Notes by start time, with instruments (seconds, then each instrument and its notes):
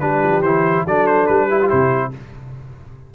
0.00 tuba G3, trombone D4, horn G4, trumpet B4
0.24 tuba F3
0.43 tuba E3, trombone E4, trumpet C5
0.86 tuba F#3, trombone D4, horn A4, trumpet D5
1.07 trumpet C5
1.27 tuba G3, trumpet B4
1.48 trombone E4, horn G4
1.62 trombone F4
1.70 tuba C3, trombone E4, trumpet C5